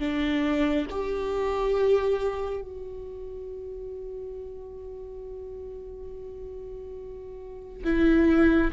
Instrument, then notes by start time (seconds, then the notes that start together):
viola
0.00 D4
0.90 G4
2.62 F#4
7.84 E4